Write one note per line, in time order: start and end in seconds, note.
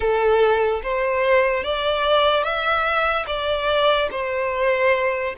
0.00 0.81 A4
0.82 1.63 C5
1.63 2.43 D5
2.43 3.25 E5
3.27 4.09 D5
4.11 5.34 C5